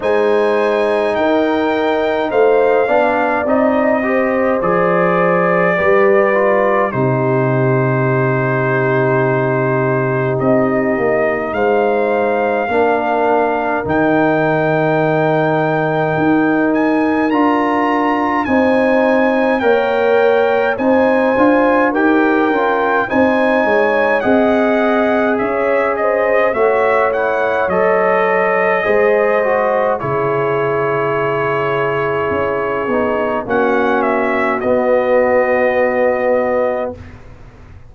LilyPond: <<
  \new Staff \with { instrumentName = "trumpet" } { \time 4/4 \tempo 4 = 52 gis''4 g''4 f''4 dis''4 | d''2 c''2~ | c''4 dis''4 f''2 | g''2~ g''8 gis''8 ais''4 |
gis''4 g''4 gis''4 g''4 | gis''4 fis''4 e''8 dis''8 e''8 fis''8 | dis''2 cis''2~ | cis''4 fis''8 e''8 dis''2 | }
  \new Staff \with { instrumentName = "horn" } { \time 4/4 c''4 ais'4 c''8 d''4 c''8~ | c''4 b'4 g'2~ | g'2 c''4 ais'4~ | ais'1 |
c''4 cis''4 c''4 ais'4 | c''8 cis''8 dis''4 cis''8 c''8 cis''4~ | cis''4 c''4 gis'2~ | gis'4 fis'2. | }
  \new Staff \with { instrumentName = "trombone" } { \time 4/4 dis'2~ dis'8 d'8 dis'8 g'8 | gis'4 g'8 f'8 dis'2~ | dis'2. d'4 | dis'2. f'4 |
dis'4 ais'4 dis'8 f'8 g'8 f'8 | dis'4 gis'2 fis'8 e'8 | a'4 gis'8 fis'8 e'2~ | e'8 dis'8 cis'4 b2 | }
  \new Staff \with { instrumentName = "tuba" } { \time 4/4 gis4 dis'4 a8 b8 c'4 | f4 g4 c2~ | c4 c'8 ais8 gis4 ais4 | dis2 dis'4 d'4 |
c'4 ais4 c'8 d'8 dis'8 cis'8 | c'8 gis8 c'4 cis'4 a4 | fis4 gis4 cis2 | cis'8 b8 ais4 b2 | }
>>